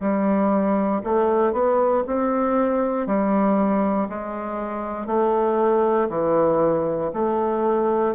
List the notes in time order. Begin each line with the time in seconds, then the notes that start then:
0.00 G3
1.04 A3
1.53 B3
2.06 C4
3.06 G3
4.09 G#3
5.07 A3
6.09 E3
7.13 A3